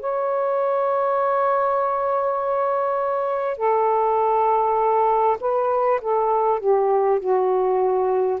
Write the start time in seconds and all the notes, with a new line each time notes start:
0.00 C#5
3.57 A4
5.40 B4
6.01 A4
6.59 G4
7.19 F#4